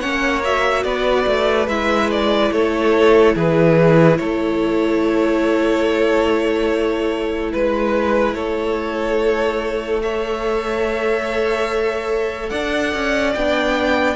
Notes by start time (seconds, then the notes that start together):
0.00 A#3 C#4 C#5 F#5
0.44 F#4 E5
0.84 B3 B4 D5
1.27 A3
1.68 G#3 E4 E5
2.11 D5
2.52 A3 A4 C#5
3.35 E3 G#4 B4
4.18 A3 A4 C#5
7.53 G#3 B4
8.34 A3 A4 C#5
10.01 A4 C#5 E5
12.49 D4 D5 F#5
12.94 C#4
13.34 B3 D4 G5